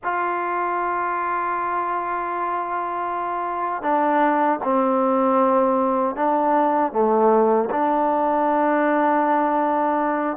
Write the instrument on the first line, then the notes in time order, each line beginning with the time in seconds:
trombone
0.03 F4
3.82 D4
4.63 C4
6.15 D4
6.92 A3
7.70 D4